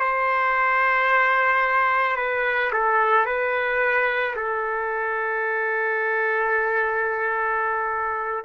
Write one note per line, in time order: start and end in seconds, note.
0.00 2.16 C5
2.16 2.71 B4
2.73 3.26 A4
3.26 4.35 B4
4.36 8.44 A4